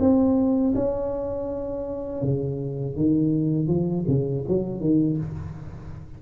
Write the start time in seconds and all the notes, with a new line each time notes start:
0.00 C4
0.75 C#4
2.22 C#3
2.96 D#3
3.67 F3
4.07 C#3
4.48 F#3
4.80 D#3